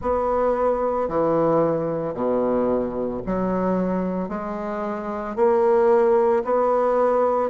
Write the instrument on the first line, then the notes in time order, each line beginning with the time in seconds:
bassoon
0.01 B3
1.08 E3
2.14 B2
3.25 F#3
4.29 G#3
5.36 A#3
6.44 B3